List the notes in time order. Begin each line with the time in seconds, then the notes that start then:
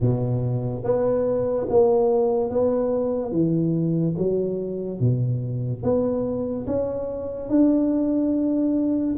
0.00 B2
0.83 B3
1.69 A#3
2.50 B3
3.31 E3
4.17 F#3
5.00 B2
5.82 B3
6.66 C#4
7.48 D4